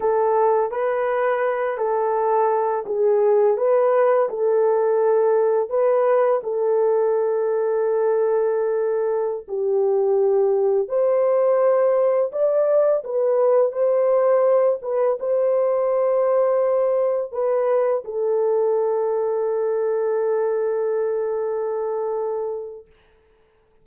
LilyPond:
\new Staff \with { instrumentName = "horn" } { \time 4/4 \tempo 4 = 84 a'4 b'4. a'4. | gis'4 b'4 a'2 | b'4 a'2.~ | a'4~ a'16 g'2 c''8.~ |
c''4~ c''16 d''4 b'4 c''8.~ | c''8. b'8 c''2~ c''8.~ | c''16 b'4 a'2~ a'8.~ | a'1 | }